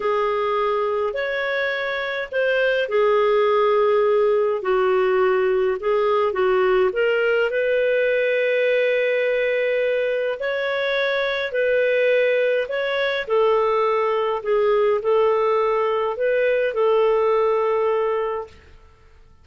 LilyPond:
\new Staff \with { instrumentName = "clarinet" } { \time 4/4 \tempo 4 = 104 gis'2 cis''2 | c''4 gis'2. | fis'2 gis'4 fis'4 | ais'4 b'2.~ |
b'2 cis''2 | b'2 cis''4 a'4~ | a'4 gis'4 a'2 | b'4 a'2. | }